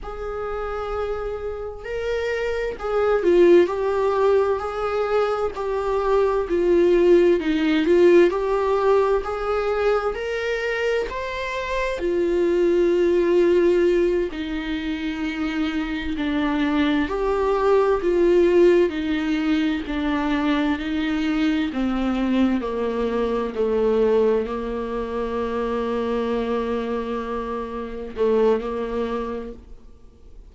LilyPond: \new Staff \with { instrumentName = "viola" } { \time 4/4 \tempo 4 = 65 gis'2 ais'4 gis'8 f'8 | g'4 gis'4 g'4 f'4 | dis'8 f'8 g'4 gis'4 ais'4 | c''4 f'2~ f'8 dis'8~ |
dis'4. d'4 g'4 f'8~ | f'8 dis'4 d'4 dis'4 c'8~ | c'8 ais4 a4 ais4.~ | ais2~ ais8 a8 ais4 | }